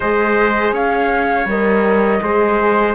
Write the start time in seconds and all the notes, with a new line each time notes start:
0.00 G#3 G#4 C5 D#5
0.72 C#4 C#5 F5
1.45 G3 A#4 D#5
2.22 G#3 G#4 C5